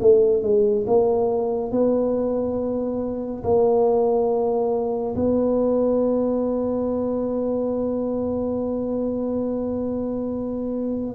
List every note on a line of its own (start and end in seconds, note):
0.00 0.42 A3
0.42 0.85 G#3
0.86 1.71 A#3
1.71 3.43 B3
3.43 5.15 A#3
5.15 11.15 B3